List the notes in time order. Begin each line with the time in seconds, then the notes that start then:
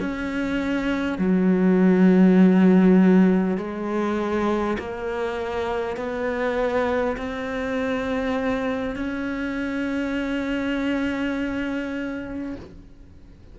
0.00 C#4
1.18 F#3
3.58 G#3
4.79 A#3
5.97 B3
7.18 C4
8.96 C#4